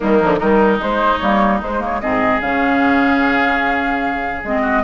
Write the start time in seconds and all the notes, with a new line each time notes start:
0.00 D#3 G3 A#3 D#4
0.19 D3 F3
0.39 D#3 G3 D#4 A#4
0.79 G#3 C5
1.18 G3 A#3 C#5
1.61 G#3 C5
1.79 A#3 C#5
2.00 G#2 C4 G#4 D#5
2.41 C#3 C#4 F5
4.43 G#3 C4 D#5
4.61 F#4